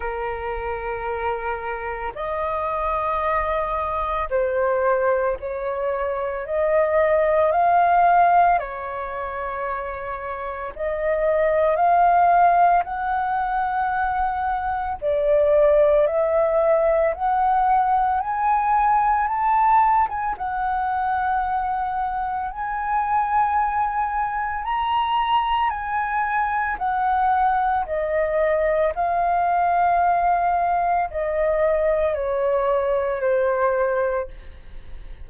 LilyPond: \new Staff \with { instrumentName = "flute" } { \time 4/4 \tempo 4 = 56 ais'2 dis''2 | c''4 cis''4 dis''4 f''4 | cis''2 dis''4 f''4 | fis''2 d''4 e''4 |
fis''4 gis''4 a''8. gis''16 fis''4~ | fis''4 gis''2 ais''4 | gis''4 fis''4 dis''4 f''4~ | f''4 dis''4 cis''4 c''4 | }